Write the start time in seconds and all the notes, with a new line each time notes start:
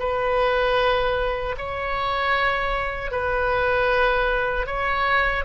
0.00 B4
1.58 C#5
3.12 B4
4.66 C#5